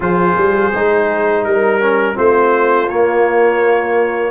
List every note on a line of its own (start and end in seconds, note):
0.00 0.36 F3
0.00 0.72 F4
0.00 1.44 G#4
0.00 1.44 C5
0.36 0.72 G3
0.74 1.44 G#3
0.74 1.80 D#4
1.44 2.16 G3
1.44 2.16 A#4
1.44 2.15 A#4
1.80 2.14 C#4
2.14 2.89 A3
2.14 2.86 C4
2.14 4.30 F4
2.14 2.88 C5
2.88 4.30 A#3
2.88 4.30 C#5